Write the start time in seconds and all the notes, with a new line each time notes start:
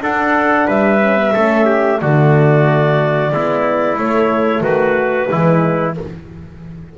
0.00 D4 A4 F#5
0.66 G3 B4 E5
1.00 C#4
1.16 B3
1.33 A3 C#4 A4
1.65 G4
1.98 D3 A3 F#4 D5
3.31 G#3 B3 E4
3.98 A3 C#5
4.61 D#3 F#4 B4
5.28 E3 G#3 E4